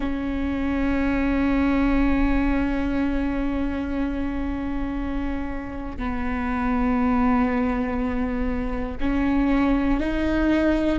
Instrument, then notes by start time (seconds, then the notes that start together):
viola
0.00 C#4
5.97 B3
9.00 C#4
10.00 D#4